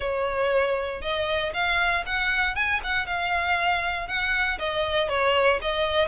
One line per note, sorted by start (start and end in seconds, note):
0.00 1.01 C#5
1.01 1.52 D#5
1.53 2.04 F5
2.06 2.55 F#5
2.55 2.80 G#5
2.83 3.06 F#5
3.06 4.07 F5
4.07 4.58 F#5
4.59 5.08 D#5
5.08 5.59 C#5
5.61 6.07 D#5